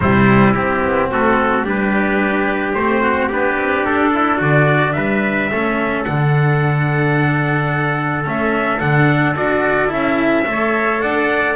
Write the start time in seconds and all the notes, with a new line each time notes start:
0.00 C3 G3 E4 C5
0.54 C4 G4
0.83 B3
1.10 A3 F#4 A4
1.63 G3 D4 G4 B4
2.73 A3 C4 C5
3.01 F#4
3.29 B3 D4 G4 B4
3.56 C4
3.85 D4 A4
4.14 E4
4.37 D3 F#4 D5
4.93 G3 B4 E5
5.50 A3 C#4 A4
6.04 D3 D4 F#5
8.24 A3 C#4 E5
8.79 D3 D4 F#5
9.35 D4 F#4 D5
9.88 C#4 E4 E5
10.46 A3 A4 C#5
11.00 D4 D5 F#5